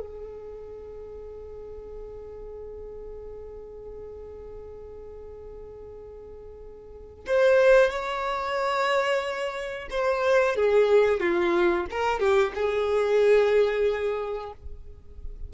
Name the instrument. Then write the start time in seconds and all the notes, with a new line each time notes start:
violin
0.00 G#4
7.27 C5
7.91 C#5
9.91 C5
10.56 G#4
11.21 F4
11.91 A#4
12.20 G4
12.55 G#4